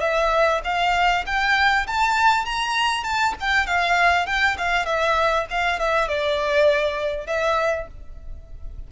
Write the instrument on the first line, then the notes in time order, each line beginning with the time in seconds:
violin
0.00 E5
0.64 F5
1.26 G5
1.87 A5
2.45 A#5
3.04 A5
3.40 G5
3.66 F5
4.26 G5
4.58 F5
4.85 E5
5.50 F5
5.79 E5
6.08 D5
7.27 E5